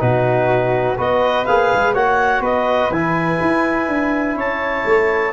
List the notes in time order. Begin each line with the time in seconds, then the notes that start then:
0.00 B2 D#4 F#4 B4
0.97 B3 F#4 B4 D#5
1.46 A#3 G#4 F5
1.74 G#3
1.94 A#3 F#4 C#5 F#5
2.41 B3 B4 D#5
2.91 E3 E4 G#5
3.41 E4
3.88 D4
4.36 C#4 C#5 A5
4.86 A3